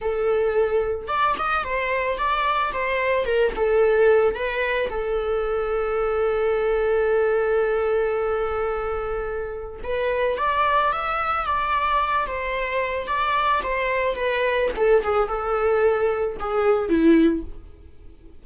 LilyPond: \new Staff \with { instrumentName = "viola" } { \time 4/4 \tempo 4 = 110 a'2 d''8 dis''8 c''4 | d''4 c''4 ais'8 a'4. | b'4 a'2.~ | a'1~ |
a'2 b'4 d''4 | e''4 d''4. c''4. | d''4 c''4 b'4 a'8 gis'8 | a'2 gis'4 e'4 | }